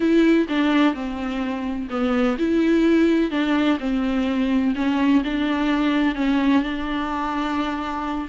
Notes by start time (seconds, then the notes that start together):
0.00 E4
0.49 D4
0.93 C4
1.90 B3
2.38 E4
3.30 D4
3.79 C4
4.75 C#4
5.24 D4
6.15 C#4
6.62 D4